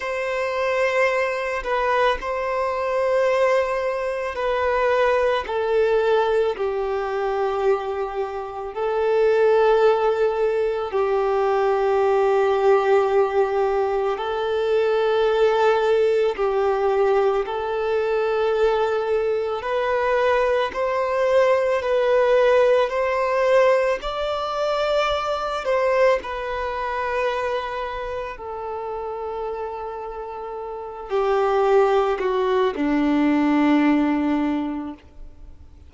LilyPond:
\new Staff \with { instrumentName = "violin" } { \time 4/4 \tempo 4 = 55 c''4. b'8 c''2 | b'4 a'4 g'2 | a'2 g'2~ | g'4 a'2 g'4 |
a'2 b'4 c''4 | b'4 c''4 d''4. c''8 | b'2 a'2~ | a'8 g'4 fis'8 d'2 | }